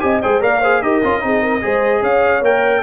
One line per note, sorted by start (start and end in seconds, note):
0.00 0.24 C4
0.00 0.20 G4
0.00 0.23 D#5
0.00 0.21 G#5
0.22 0.44 G#3
0.22 0.41 G#4
0.22 0.41 C5
0.22 0.42 G5
0.41 0.82 A#3
0.41 0.61 A#4
0.41 0.61 D5
0.41 0.82 F5
0.61 0.83 G#4
0.61 0.81 C5
0.82 1.02 D#4
0.82 1.03 G4
0.82 1.24 A#4
0.82 2.03 D#5
1.03 1.23 C#4
1.03 1.21 F4
1.21 1.64 C4
1.21 1.61 D#4
1.21 1.42 G#4
1.42 1.62 A#4
1.61 2.02 G#3
1.61 2.42 G#4
1.61 2.01 C5
2.01 2.42 C#4
2.01 2.82 C#5
2.01 2.44 F5
2.42 2.82 A#3
2.42 2.83 A#4
2.42 2.83 G5